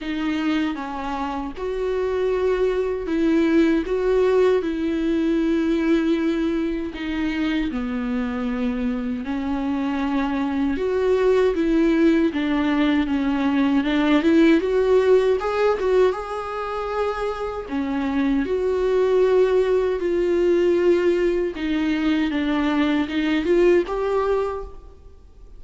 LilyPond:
\new Staff \with { instrumentName = "viola" } { \time 4/4 \tempo 4 = 78 dis'4 cis'4 fis'2 | e'4 fis'4 e'2~ | e'4 dis'4 b2 | cis'2 fis'4 e'4 |
d'4 cis'4 d'8 e'8 fis'4 | gis'8 fis'8 gis'2 cis'4 | fis'2 f'2 | dis'4 d'4 dis'8 f'8 g'4 | }